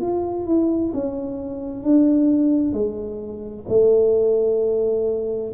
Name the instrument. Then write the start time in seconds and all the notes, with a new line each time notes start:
tuba
0.00 F4
0.46 E4
0.93 C#4
1.83 D4
2.73 G#3
3.68 A3